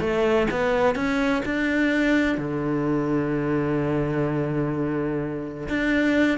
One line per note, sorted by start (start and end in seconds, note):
0.00 0.47 A3
0.50 0.95 B3
0.95 1.42 C#4
1.45 2.37 D4
2.37 5.68 D3
5.69 6.38 D4